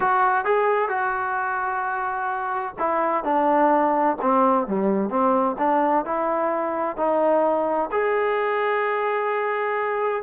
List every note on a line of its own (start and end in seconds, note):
0.00 0.44 F#4
0.44 0.88 G#4
0.88 2.74 F#4
2.78 3.23 E4
3.23 4.16 D4
4.21 4.67 C4
4.67 5.09 G3
5.09 5.56 C4
5.58 6.05 D4
6.05 6.96 E4
6.96 7.89 D#4
7.91 10.23 G#4